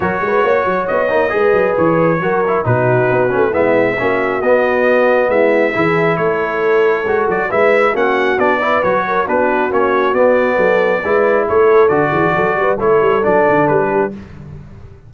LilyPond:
<<
  \new Staff \with { instrumentName = "trumpet" } { \time 4/4 \tempo 4 = 136 cis''2 dis''2 | cis''2 b'2 | e''2 dis''2 | e''2 cis''2~ |
cis''8 d''8 e''4 fis''4 d''4 | cis''4 b'4 cis''4 d''4~ | d''2 cis''4 d''4~ | d''4 cis''4 d''4 b'4 | }
  \new Staff \with { instrumentName = "horn" } { \time 4/4 ais'8 b'8 cis''2 b'4~ | b'4 ais'4 fis'2 | e'4 fis'2. | e'4 gis'4 a'2~ |
a'4 b'4 fis'4. b'8~ | b'8 ais'8 fis'2. | a'4 b'4 a'4. gis'8 | a'8 b'8 a'2~ a'8 g'8 | }
  \new Staff \with { instrumentName = "trombone" } { \time 4/4 fis'2~ fis'8 dis'8 gis'4~ | gis'4 fis'8 e'8 dis'4. cis'8 | b4 cis'4 b2~ | b4 e'2. |
fis'4 e'4 cis'4 d'8 e'8 | fis'4 d'4 cis'4 b4~ | b4 e'2 fis'4~ | fis'4 e'4 d'2 | }
  \new Staff \with { instrumentName = "tuba" } { \time 4/4 fis8 gis8 ais8 fis8 b8 ais8 gis8 fis8 | e4 fis4 b,4 b8 a8 | gis4 ais4 b2 | gis4 e4 a2 |
gis8 fis8 gis4 ais4 b4 | fis4 b4 ais4 b4 | fis4 gis4 a4 d8 e8 | fis8 g8 a8 g8 fis8 d8 g4 | }
>>